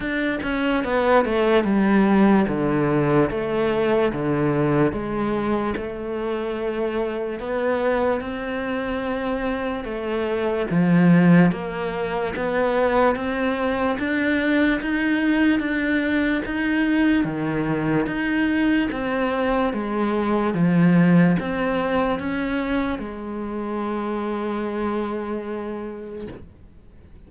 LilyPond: \new Staff \with { instrumentName = "cello" } { \time 4/4 \tempo 4 = 73 d'8 cis'8 b8 a8 g4 d4 | a4 d4 gis4 a4~ | a4 b4 c'2 | a4 f4 ais4 b4 |
c'4 d'4 dis'4 d'4 | dis'4 dis4 dis'4 c'4 | gis4 f4 c'4 cis'4 | gis1 | }